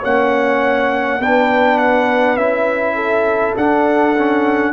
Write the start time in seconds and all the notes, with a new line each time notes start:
0.00 A#3 C#4 C#5 F#5
1.19 B3 D4 B4 G5
1.78 F#5
2.36 C#4 E4 E5
2.95 A4
3.56 D4 F#5
4.17 C#4